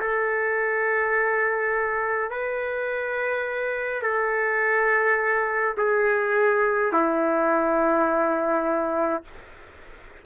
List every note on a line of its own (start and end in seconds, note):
0.00 2.30 A4
2.30 4.03 B4
4.03 5.76 A4
5.77 6.93 G#4
6.93 9.24 E4